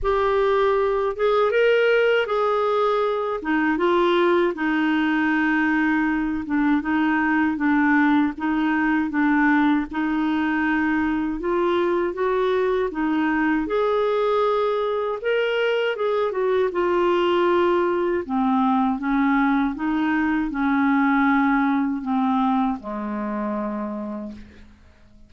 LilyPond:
\new Staff \with { instrumentName = "clarinet" } { \time 4/4 \tempo 4 = 79 g'4. gis'8 ais'4 gis'4~ | gis'8 dis'8 f'4 dis'2~ | dis'8 d'8 dis'4 d'4 dis'4 | d'4 dis'2 f'4 |
fis'4 dis'4 gis'2 | ais'4 gis'8 fis'8 f'2 | c'4 cis'4 dis'4 cis'4~ | cis'4 c'4 gis2 | }